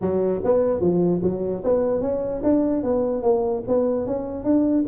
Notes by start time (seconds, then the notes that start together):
0.01 F#3
0.44 B3
0.80 F3
1.22 F#3
1.64 B3
2.01 C#4
2.43 D4
2.83 B3
3.22 A#3
3.67 B3
4.06 C#4
4.44 D4